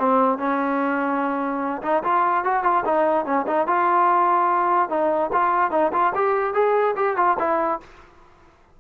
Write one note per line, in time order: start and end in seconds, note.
0.00 0.39 C4
0.39 1.83 C#4
1.83 2.03 D#4
2.04 2.45 F4
2.45 2.64 F#4
2.64 2.84 F4
2.85 3.26 D#4
3.26 3.46 C#4
3.47 3.67 D#4
3.67 4.90 F4
4.90 5.31 D#4
5.33 5.72 F4
5.72 5.92 D#4
5.93 6.14 F4
6.16 6.54 G4
6.54 6.95 G#4
6.97 7.17 G4
7.17 7.37 F4
7.40 7.81 E4